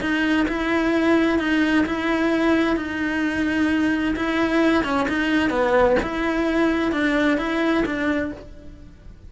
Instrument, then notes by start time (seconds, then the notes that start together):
cello
0.00 D#4
0.48 E4
1.39 D#4
1.85 E4
2.76 D#4
4.16 E4
4.84 C#4
5.08 D#4
5.50 B3
6.02 E4
6.92 D4
7.37 E4
7.85 D4